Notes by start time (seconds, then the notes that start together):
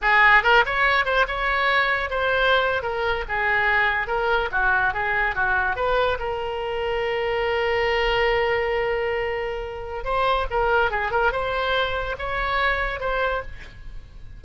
0.01 G#4
0.43 A#4
0.65 C#5
1.05 C5
1.27 C#5
2.10 C5
2.82 A#4
3.28 G#4
4.07 A#4
4.51 F#4
4.93 G#4
5.35 F#4
5.76 B4
6.19 A#4
10.04 C5
10.50 A#4
10.90 G#4
11.11 A#4
11.32 C5
12.18 C#5
13.00 C5